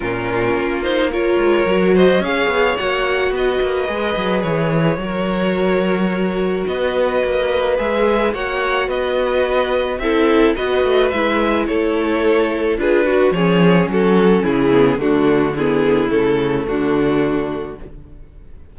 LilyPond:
<<
  \new Staff \with { instrumentName = "violin" } { \time 4/4 \tempo 4 = 108 ais'4. c''8 cis''4. dis''8 | f''4 fis''4 dis''2 | cis''1 | dis''2 e''4 fis''4 |
dis''2 e''4 dis''4 | e''4 cis''2 b'4 | cis''4 a'4 gis'4 fis'4 | gis'4 a'4 fis'2 | }
  \new Staff \with { instrumentName = "violin" } { \time 4/4 f'2 ais'4. c''8 | cis''2 b'2~ | b'4 ais'2. | b'2. cis''4 |
b'2 a'4 b'4~ | b'4 a'2 gis'8 fis'8 | gis'4 fis'4 e'4 d'4 | e'2 d'2 | }
  \new Staff \with { instrumentName = "viola" } { \time 4/4 cis'4. dis'8 f'4 fis'4 | gis'4 fis'2 gis'4~ | gis'4 fis'2.~ | fis'2 gis'4 fis'4~ |
fis'2 e'4 fis'4 | e'2. f'8 fis'8 | cis'2~ cis'8 b8 a4 | b4 a2. | }
  \new Staff \with { instrumentName = "cello" } { \time 4/4 ais,4 ais4. gis8 fis4 | cis'8 b8 ais4 b8 ais8 gis8 fis8 | e4 fis2. | b4 ais4 gis4 ais4 |
b2 c'4 b8 a8 | gis4 a2 d'4 | f4 fis4 cis4 d4~ | d4 cis4 d2 | }
>>